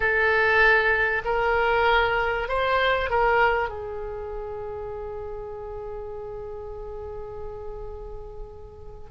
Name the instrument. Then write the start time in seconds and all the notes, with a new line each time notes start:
oboe
0.00 A4
1.24 A#4
2.48 C5
3.09 A#4
3.69 G#4